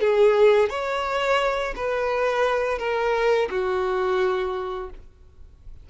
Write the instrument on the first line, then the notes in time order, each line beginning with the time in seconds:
violin
0.00 G#4
0.69 C#5
1.76 B4
2.78 A#4
3.50 F#4